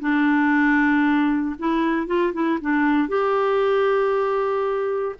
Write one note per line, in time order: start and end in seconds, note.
0.00 1.55 D4
1.59 2.07 E4
2.07 2.33 F4
2.33 2.59 E4
2.61 3.08 D4
3.08 5.15 G4